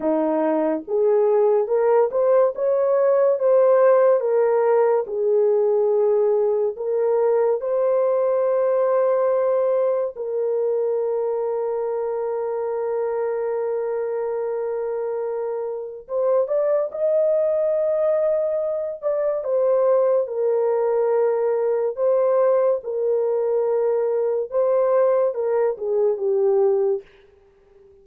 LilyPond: \new Staff \with { instrumentName = "horn" } { \time 4/4 \tempo 4 = 71 dis'4 gis'4 ais'8 c''8 cis''4 | c''4 ais'4 gis'2 | ais'4 c''2. | ais'1~ |
ais'2. c''8 d''8 | dis''2~ dis''8 d''8 c''4 | ais'2 c''4 ais'4~ | ais'4 c''4 ais'8 gis'8 g'4 | }